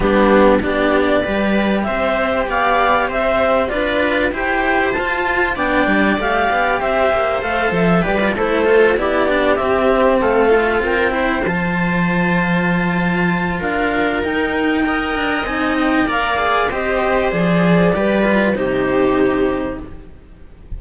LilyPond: <<
  \new Staff \with { instrumentName = "clarinet" } { \time 4/4 \tempo 4 = 97 g'4 d''2 e''4 | f''4 e''4 d''4 g''4 | a''4 g''4 f''4 e''4 | f''8 e''8 d''8 c''4 d''4 e''8~ |
e''8 f''4 g''4 a''4.~ | a''2 f''4 g''4~ | g''4 gis''8 g''8 f''4 dis''4 | d''2 c''2 | }
  \new Staff \with { instrumentName = "viola" } { \time 4/4 d'4 g'4 b'4 c''4 | d''4 c''4 b'4 c''4~ | c''4 d''2 c''4~ | c''4 b'8 a'4 g'4.~ |
g'8 a'4 ais'8 c''2~ | c''2 ais'2 | dis''2 d''4 c''4~ | c''4 b'4 g'2 | }
  \new Staff \with { instrumentName = "cello" } { \time 4/4 b4 d'4 g'2~ | g'2 f'4 g'4 | f'4 d'4 g'2 | a'4 g'16 f'16 e'8 f'8 e'8 d'8 c'8~ |
c'4 f'4 e'8 f'4.~ | f'2. dis'4 | ais'4 dis'4 ais'8 gis'8 g'4 | gis'4 g'8 f'8 dis'2 | }
  \new Staff \with { instrumentName = "cello" } { \time 4/4 g4 b4 g4 c'4 | b4 c'4 d'4 e'4 | f'4 b8 g8 a8 b8 c'8 ais8 | a8 f8 g8 a4 b4 c'8~ |
c'8 a4 c'4 f4.~ | f2 d'4 dis'4~ | dis'8 d'8 c'4 ais4 c'4 | f4 g4 c2 | }
>>